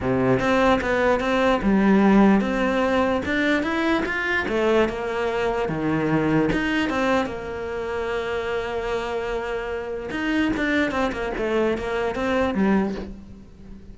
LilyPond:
\new Staff \with { instrumentName = "cello" } { \time 4/4 \tempo 4 = 148 c4 c'4 b4 c'4 | g2 c'2 | d'4 e'4 f'4 a4 | ais2 dis2 |
dis'4 c'4 ais2~ | ais1~ | ais4 dis'4 d'4 c'8 ais8 | a4 ais4 c'4 g4 | }